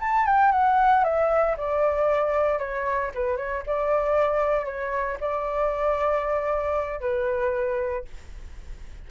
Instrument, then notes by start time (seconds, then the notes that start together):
flute
0.00 A5
0.26 G5
0.51 F#5
1.04 E5
1.57 D5
2.58 C#5
3.14 B4
3.37 C#5
3.66 D5
4.65 C#5
5.20 D5
7.00 B4